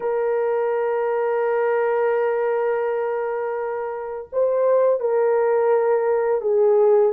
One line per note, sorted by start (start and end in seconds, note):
0.00 4.28 A#4
4.32 5.00 C5
5.00 6.41 A#4
6.41 7.12 G#4